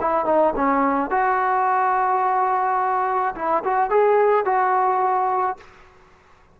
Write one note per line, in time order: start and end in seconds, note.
0.00 0.25 E4
0.25 0.53 D#4
0.56 1.10 C#4
1.10 3.34 F#4
3.35 3.63 E4
3.64 3.90 F#4
3.90 4.45 G#4
4.45 5.57 F#4